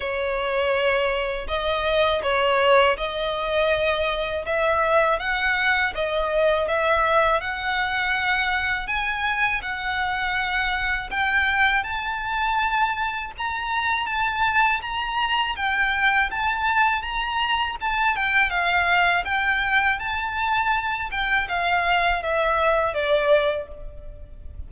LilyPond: \new Staff \with { instrumentName = "violin" } { \time 4/4 \tempo 4 = 81 cis''2 dis''4 cis''4 | dis''2 e''4 fis''4 | dis''4 e''4 fis''2 | gis''4 fis''2 g''4 |
a''2 ais''4 a''4 | ais''4 g''4 a''4 ais''4 | a''8 g''8 f''4 g''4 a''4~ | a''8 g''8 f''4 e''4 d''4 | }